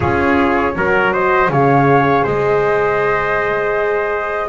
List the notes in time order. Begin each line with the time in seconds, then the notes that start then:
0.00 C#4 F4 G#4 C#5
0.75 F#3 F#4 A#4
1.12 C5 D#5
1.48 C#3 G#4 C#5 F5
2.23 G#3 C5 D#5